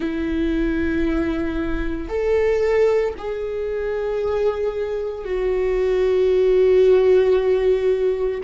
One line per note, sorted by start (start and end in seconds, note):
0.00 2.08 E4
2.08 3.13 A4
3.18 5.24 G#4
5.24 8.40 F#4